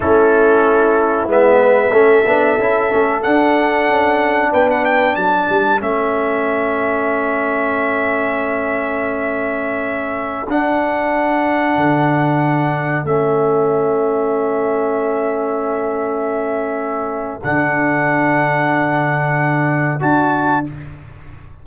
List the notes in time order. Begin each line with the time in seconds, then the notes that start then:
0.00 A3 C#4 E4 A4
1.26 G#3 B3 E5
1.59 B4
1.91 A3 C#4 A4
2.26 B3 D4
2.59 C#4 E4
2.90 A3 C#4
3.21 D4 F#5
3.88 C#4
4.51 B3 B4 G5
4.70 F#5
4.84 G5
5.15 F#3 A4 A5
5.49 G3
5.78 A3 C#4 E5
10.47 D4 F#5
11.76 D3
13.04 A3 C#4 E5
17.43 D3 D4 F#5
19.99 D4 F#4 A5